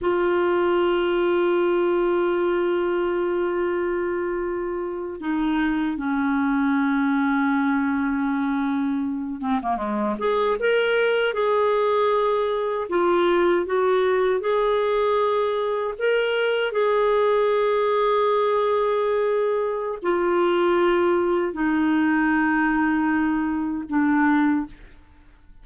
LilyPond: \new Staff \with { instrumentName = "clarinet" } { \time 4/4 \tempo 4 = 78 f'1~ | f'2~ f'8. dis'4 cis'16~ | cis'1~ | cis'16 c'16 ais16 gis8 gis'8 ais'4 gis'4~ gis'16~ |
gis'8. f'4 fis'4 gis'4~ gis'16~ | gis'8. ais'4 gis'2~ gis'16~ | gis'2 f'2 | dis'2. d'4 | }